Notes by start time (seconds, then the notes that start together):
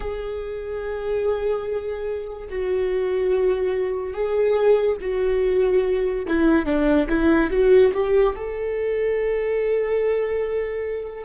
0.00 G#4
2.49 F#4
4.13 G#4
5.00 F#4
6.28 E4
6.65 D4
7.08 E4
7.50 F#4
7.93 G4
8.35 A4